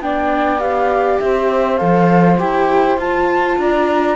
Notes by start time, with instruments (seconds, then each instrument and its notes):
0.00 cello B3, viola D4, saxophone D5, flute G5
0.59 viola G4, flute F5
1.19 cello C4, saxophone C5, flute E5
1.77 cello F3, viola A4, flute F5
2.37 cello E4, viola G4, flute G5
2.97 cello F4, viola F4, flute A5
3.57 cello D4, saxophone D5, flute A#5